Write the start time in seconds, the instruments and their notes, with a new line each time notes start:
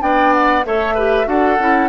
0.00 bassoon B3, clarinet D4, oboe D5, flute G5
0.33 flute F#5
0.65 bassoon A3, clarinet A4, oboe C#5, flute E5
0.95 clarinet G4, oboe B4
1.25 bassoon D4, clarinet F#4, oboe A4, flute F#5
1.59 bassoon C#4, clarinet E4